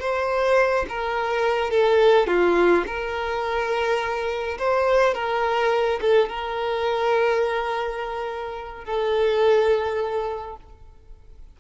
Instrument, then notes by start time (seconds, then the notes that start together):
violin
0.00 C5
0.89 A#4
1.70 A4
2.27 F4
2.86 A#4
4.58 C5
5.14 A#4
6.01 A4
6.29 A#4
8.85 A4